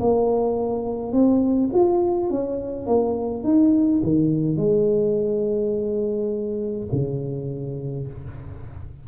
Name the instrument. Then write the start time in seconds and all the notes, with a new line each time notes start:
tuba
0.00 A#3
1.13 C4
1.74 F4
2.30 C#4
2.87 A#3
3.44 D#4
4.03 D#3
4.57 G#3
6.92 C#3